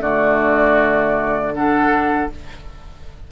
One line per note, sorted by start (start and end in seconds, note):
0.00 2.28 D3
0.00 1.52 A3
0.00 1.53 F#4
0.00 1.53 D5
1.53 2.31 D4
1.53 2.31 A4
1.53 2.29 F#5